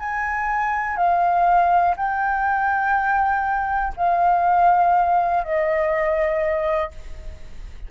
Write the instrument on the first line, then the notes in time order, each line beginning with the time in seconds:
flute
0.00 G#5
0.97 F5
1.97 G5
3.97 F5
5.44 D#5